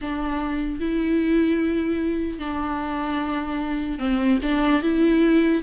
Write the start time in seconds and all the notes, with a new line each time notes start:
0.01 D4
0.80 E4
2.38 D4
3.98 C4
4.42 D4
4.82 E4